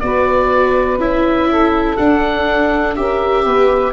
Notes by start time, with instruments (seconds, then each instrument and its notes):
0.00 tuba B3, viola F#4, saxophone B4, oboe D5
0.98 tuba C#4, viola E4, oboe E5
1.50 saxophone A4
1.96 viola D4, tuba D4, oboe F#5
2.95 tuba C#4, viola G4, saxophone A#4, oboe E5
3.44 tuba B3, saxophone B4